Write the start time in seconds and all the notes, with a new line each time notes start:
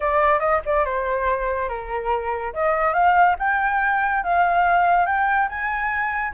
0.00 D5
0.39 D#5
0.65 D5
0.85 C5
1.68 A#4
2.53 D#5
2.93 F5
3.39 G5
4.23 F5
5.06 G5
5.48 G#5